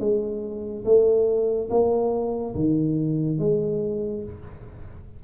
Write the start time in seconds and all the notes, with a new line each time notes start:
0.00 G#3
0.85 A3
1.70 A#3
2.55 D#3
3.39 G#3